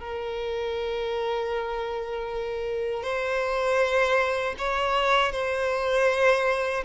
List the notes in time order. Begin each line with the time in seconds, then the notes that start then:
0.00 A#4
3.03 C5
4.58 C#5
5.32 C5